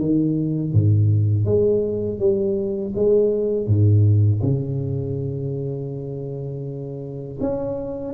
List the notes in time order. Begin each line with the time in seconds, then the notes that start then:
0.00 D#3
0.73 G#2
1.45 G#3
2.20 G3
2.96 G#3
3.67 G#2
4.43 C#3
7.41 C#4